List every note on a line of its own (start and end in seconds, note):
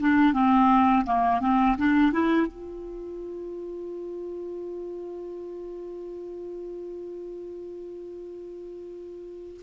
0.00 0.33 D4
0.33 1.05 C4
1.06 1.41 A#3
1.41 1.76 C4
1.77 2.12 D4
2.12 2.47 E4
2.47 9.61 F4